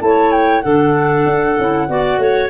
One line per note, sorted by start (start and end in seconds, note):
0.00 0.62 A3
0.00 0.62 E4
0.00 0.63 C#5
0.00 0.31 A5
0.31 0.61 G5
0.61 1.25 D3
0.61 1.56 D4
0.61 1.88 A4
0.61 2.49 F#5
1.25 1.57 D4
1.58 1.89 C#4
1.58 1.88 E4
1.88 2.18 B3
1.88 2.49 F#4
1.88 2.20 D5
2.18 2.49 A3
2.18 2.49 C#5